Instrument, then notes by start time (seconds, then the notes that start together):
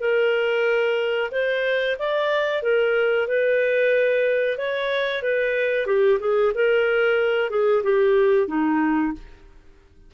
clarinet
0.00 A#4
1.31 C5
1.98 D5
2.62 A#4
3.27 B4
4.57 C#5
5.22 B4
5.86 G4
6.19 G#4
6.54 A#4
7.50 G#4
7.83 G4
8.47 D#4